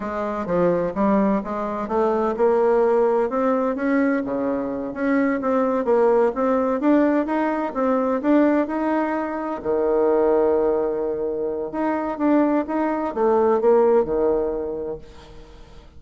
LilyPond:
\new Staff \with { instrumentName = "bassoon" } { \time 4/4 \tempo 4 = 128 gis4 f4 g4 gis4 | a4 ais2 c'4 | cis'4 cis4. cis'4 c'8~ | c'8 ais4 c'4 d'4 dis'8~ |
dis'8 c'4 d'4 dis'4.~ | dis'8 dis2.~ dis8~ | dis4 dis'4 d'4 dis'4 | a4 ais4 dis2 | }